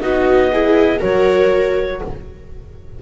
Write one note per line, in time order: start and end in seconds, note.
0.00 1.01 B3
0.00 0.51 D#4
0.00 0.51 F#4
0.00 1.00 D#5
0.52 0.99 E4
0.52 0.99 G#4
0.99 2.02 F#3
0.99 1.99 F#4
0.99 1.99 A#4
0.99 2.02 C#5